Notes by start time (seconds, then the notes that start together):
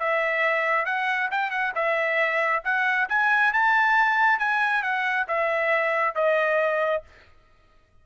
0.00 E5
0.86 F#5
1.31 G5
1.51 F#5
1.75 E5
2.65 F#5
3.10 G#5
3.54 A5
4.40 G#5
4.83 F#5
5.28 E5
6.15 D#5